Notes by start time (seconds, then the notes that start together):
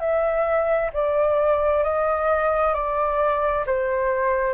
0.00 E5
0.93 D5
1.83 D#5
2.74 D5
3.67 C5